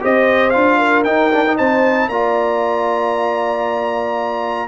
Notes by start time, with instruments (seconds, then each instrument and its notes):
0.00 tuba C4, trombone G4, horn C5, trumpet D#5
0.50 tuba D4, trombone F4, trumpet F5
0.79 horn A#4
1.04 trombone D#4, tuba D#4, trumpet G5
1.33 trombone D4
1.47 trombone D#4
1.57 tuba C4, horn C5, trumpet A5
2.08 tuba A#3, trombone F4, horn D5, trumpet A#5